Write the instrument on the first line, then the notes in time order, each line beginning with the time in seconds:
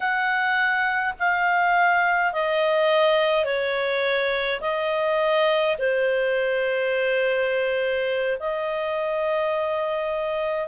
clarinet
0.00 F#5
1.19 F5
2.32 D#5
3.45 C#5
4.60 D#5
5.78 C5
8.39 D#5